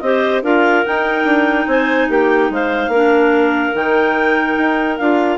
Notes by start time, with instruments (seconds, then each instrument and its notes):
0.00 bassoon C4, clarinet G4 C5 D#5
0.43 bassoon D4, clarinet F4 A#4 F5
0.86 clarinet D#4 G5, bassoon D#4
1.25 bassoon D4
1.67 bassoon C4, clarinet C5 G#5
2.09 bassoon A#3, clarinet G4 G5
2.50 bassoon G#3, clarinet C5 F5
2.88 bassoon A#3, clarinet D4 A#4
3.75 bassoon D#3, clarinet D#4 G5
4.58 bassoon D#4
4.97 bassoon D4, clarinet F4 F5